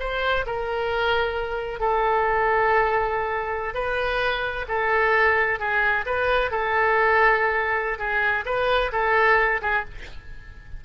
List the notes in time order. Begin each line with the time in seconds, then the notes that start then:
0.00 C5
0.47 A#4
1.80 A4
3.75 B4
4.69 A4
5.60 G#4
6.06 B4
6.51 A4
7.99 G#4
8.46 B4
8.93 A4
9.62 G#4